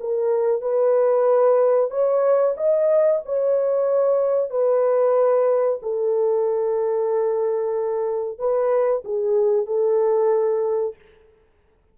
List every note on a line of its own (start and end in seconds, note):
0.00 0.61 A#4
0.61 1.90 B4
1.90 2.55 C#5
2.57 3.21 D#5
3.25 4.50 C#5
4.50 5.79 B4
5.82 8.38 A4
8.38 9.03 B4
9.04 9.66 G#4
9.66 10.95 A4